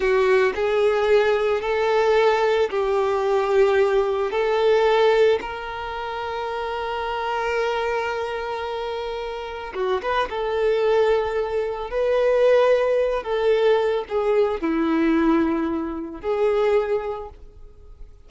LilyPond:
\new Staff \with { instrumentName = "violin" } { \time 4/4 \tempo 4 = 111 fis'4 gis'2 a'4~ | a'4 g'2. | a'2 ais'2~ | ais'1~ |
ais'2 fis'8 b'8 a'4~ | a'2 b'2~ | b'8 a'4. gis'4 e'4~ | e'2 gis'2 | }